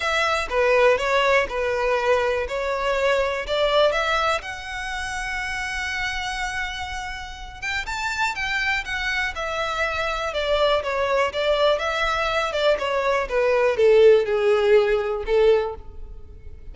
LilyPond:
\new Staff \with { instrumentName = "violin" } { \time 4/4 \tempo 4 = 122 e''4 b'4 cis''4 b'4~ | b'4 cis''2 d''4 | e''4 fis''2.~ | fis''2.~ fis''8 g''8 |
a''4 g''4 fis''4 e''4~ | e''4 d''4 cis''4 d''4 | e''4. d''8 cis''4 b'4 | a'4 gis'2 a'4 | }